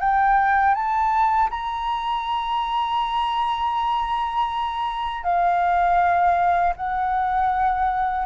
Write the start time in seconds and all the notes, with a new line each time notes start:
0.00 G5
0.74 A5
1.50 A#5
5.23 F5
6.76 F#5